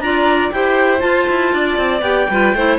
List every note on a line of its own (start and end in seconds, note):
0.00 0.50 D4
0.00 0.53 F4
0.00 0.54 D5
0.00 0.51 A#5
0.51 1.02 E4
0.51 0.99 G4
0.51 1.54 C5
0.51 1.00 G5
0.99 2.00 F4
0.99 1.28 F4
0.99 2.00 A5
1.29 1.53 E4
1.53 1.77 D4
1.53 2.30 D5
1.77 2.02 C4
2.01 2.27 B3
2.01 2.28 G4
2.01 2.77 G5
2.29 2.54 G3
2.29 2.56 F4
2.29 2.55 B4
2.54 2.78 A3
2.54 2.78 E4
2.54 2.78 C5